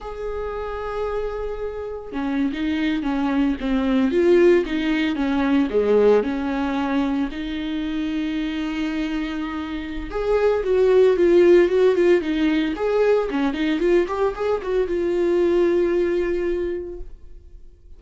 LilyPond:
\new Staff \with { instrumentName = "viola" } { \time 4/4 \tempo 4 = 113 gis'1 | cis'8. dis'4 cis'4 c'4 f'16~ | f'8. dis'4 cis'4 gis4 cis'16~ | cis'4.~ cis'16 dis'2~ dis'16~ |
dis'2. gis'4 | fis'4 f'4 fis'8 f'8 dis'4 | gis'4 cis'8 dis'8 f'8 g'8 gis'8 fis'8 | f'1 | }